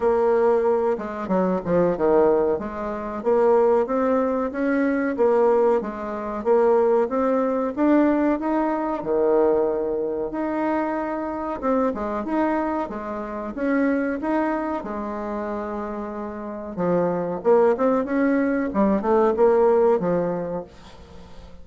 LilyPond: \new Staff \with { instrumentName = "bassoon" } { \time 4/4 \tempo 4 = 93 ais4. gis8 fis8 f8 dis4 | gis4 ais4 c'4 cis'4 | ais4 gis4 ais4 c'4 | d'4 dis'4 dis2 |
dis'2 c'8 gis8 dis'4 | gis4 cis'4 dis'4 gis4~ | gis2 f4 ais8 c'8 | cis'4 g8 a8 ais4 f4 | }